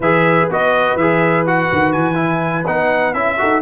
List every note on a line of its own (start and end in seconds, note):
0.00 0.46 E3
0.00 0.50 G#4
0.00 3.37 B4
0.00 0.49 E5
0.49 0.95 B3
0.49 0.99 F#4
0.49 0.97 D#5
0.95 1.68 E3
0.95 1.46 G#4
0.95 1.45 E5
1.46 2.14 F#4
1.46 1.92 F#5
1.72 1.94 D#3
1.92 2.67 E3
1.92 2.64 G#5
2.14 2.62 E4
2.66 3.14 B3
2.66 3.14 D#4
2.66 3.13 F#5
3.13 3.38 C#4
3.13 3.38 E4
3.13 3.61 E5
3.38 3.62 D#4
3.38 3.62 F#4
3.38 3.62 A4